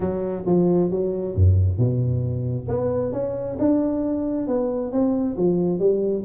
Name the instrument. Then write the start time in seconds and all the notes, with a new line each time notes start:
tuba
0.00 F#3
0.46 F3
0.90 F#3
1.35 F#2
1.78 B2
2.68 B3
3.12 C#4
3.58 D4
4.47 B3
4.91 C4
5.36 F3
5.79 G3